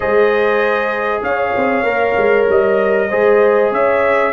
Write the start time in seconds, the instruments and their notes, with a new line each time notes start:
0.00 tuba G#3, trombone G#4, horn C5, trumpet D#5
1.22 tuba C#4, horn C#5, trumpet F5
1.56 tuba C4
1.82 tuba A#3, trombone A#4
2.17 tuba G#3
2.48 tuba G3, trumpet D#5
3.09 tuba G#3, trombone G#4, horn C5
3.71 tuba C#4, horn C#5, trumpet E5